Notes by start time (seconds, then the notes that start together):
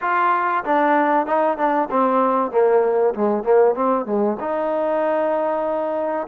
0.01 F4
0.64 D4
1.26 D#4
1.57 D4
1.90 C4
2.51 A#3
3.14 G#3
3.43 A#3
3.74 C4
4.05 G#3
4.39 D#4